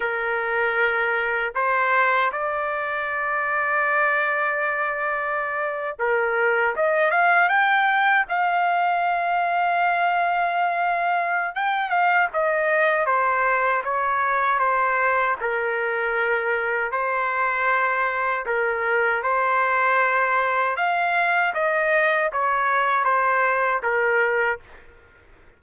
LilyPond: \new Staff \with { instrumentName = "trumpet" } { \time 4/4 \tempo 4 = 78 ais'2 c''4 d''4~ | d''2.~ d''8. ais'16~ | ais'8. dis''8 f''8 g''4 f''4~ f''16~ | f''2. g''8 f''8 |
dis''4 c''4 cis''4 c''4 | ais'2 c''2 | ais'4 c''2 f''4 | dis''4 cis''4 c''4 ais'4 | }